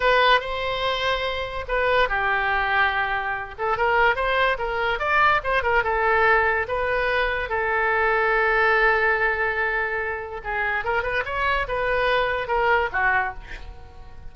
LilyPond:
\new Staff \with { instrumentName = "oboe" } { \time 4/4 \tempo 4 = 144 b'4 c''2. | b'4 g'2.~ | g'8 a'8 ais'4 c''4 ais'4 | d''4 c''8 ais'8 a'2 |
b'2 a'2~ | a'1~ | a'4 gis'4 ais'8 b'8 cis''4 | b'2 ais'4 fis'4 | }